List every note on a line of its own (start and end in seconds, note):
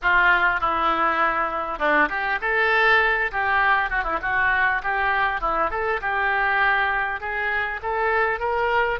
0.02 0.60 F4
0.60 1.78 E4
1.78 2.08 D4
2.09 2.39 G4
2.41 3.31 A4
3.31 3.89 G4
3.89 4.03 F#4
4.03 4.18 E4
4.21 4.82 F#4
4.82 5.40 G4
5.40 5.70 E4
5.70 6.00 A4
6.01 7.20 G4
7.20 7.80 G#4
7.82 8.39 A4
8.39 8.99 A#4